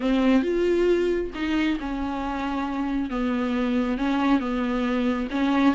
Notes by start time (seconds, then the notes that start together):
0.00 C4
0.42 F4
1.34 D#4
1.79 C#4
3.10 B3
3.97 C#4
4.39 B3
5.31 C#4